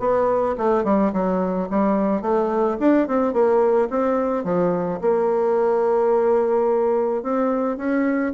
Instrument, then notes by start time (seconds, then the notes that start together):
bassoon
0.00 B3
0.58 A3
0.85 G3
1.13 F#3
1.70 G3
2.22 A3
2.80 D4
3.08 C4
3.33 A#3
3.90 C4
4.44 F3
5.02 A#3
7.23 C4
7.78 C#4